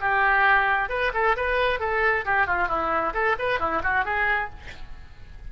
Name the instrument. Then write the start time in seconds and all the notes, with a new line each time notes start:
oboe
0.00 G4
0.89 B4
1.13 A4
1.36 B4
1.79 A4
2.25 G4
2.46 F4
2.68 E4
3.13 A4
3.38 B4
3.59 E4
3.83 F#4
4.04 G#4